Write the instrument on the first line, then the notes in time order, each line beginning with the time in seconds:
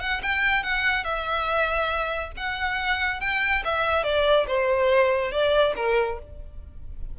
violin
0.00 F#5
0.22 G5
0.63 F#5
1.04 E5
2.37 F#5
3.21 G5
3.64 E5
4.04 D5
4.47 C5
5.32 D5
5.76 A#4